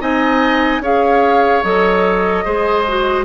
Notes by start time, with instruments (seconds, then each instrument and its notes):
0.00 bassoon C4, clarinet D#4, oboe D#5, flute G#5
0.79 bassoon C#4, clarinet G#4, oboe C#5, flute F5
1.63 bassoon F#3, clarinet A4, flute D#5
2.44 bassoon G#3, clarinet G#4, oboe C5
2.87 clarinet F#4